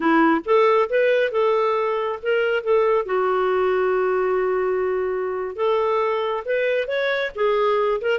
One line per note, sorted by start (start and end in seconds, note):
0.00 0.41 E4
0.45 0.89 A4
0.89 1.31 B4
1.31 2.19 A4
2.22 2.63 A#4
2.63 3.05 A4
3.05 5.56 F#4
5.56 6.43 A4
6.45 6.87 B4
6.87 7.31 C#5
7.35 8.00 G#4
8.01 8.19 A#4